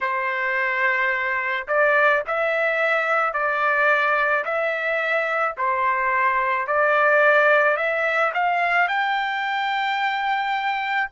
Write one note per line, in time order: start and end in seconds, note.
0.00 1.67 C5
1.67 2.23 D5
2.27 3.33 E5
3.33 4.44 D5
4.44 5.56 E5
5.57 6.67 C5
6.67 7.76 D5
7.76 8.32 E5
8.33 8.87 F5
8.87 11.10 G5